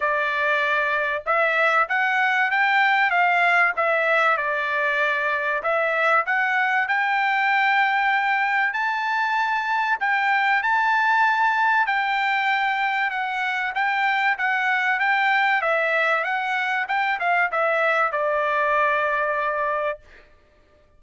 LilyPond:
\new Staff \with { instrumentName = "trumpet" } { \time 4/4 \tempo 4 = 96 d''2 e''4 fis''4 | g''4 f''4 e''4 d''4~ | d''4 e''4 fis''4 g''4~ | g''2 a''2 |
g''4 a''2 g''4~ | g''4 fis''4 g''4 fis''4 | g''4 e''4 fis''4 g''8 f''8 | e''4 d''2. | }